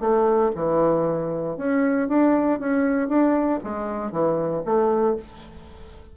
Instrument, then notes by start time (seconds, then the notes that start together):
bassoon
0.00 A3
0.55 E3
1.57 C#4
2.08 D4
2.60 C#4
3.08 D4
3.63 G#3
4.11 E3
4.65 A3